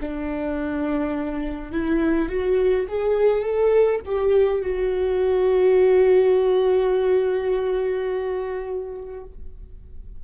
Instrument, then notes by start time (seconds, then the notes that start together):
viola
0.00 D4
1.72 E4
2.29 F#4
2.89 G#4
3.42 A4
4.05 G4
4.63 F#4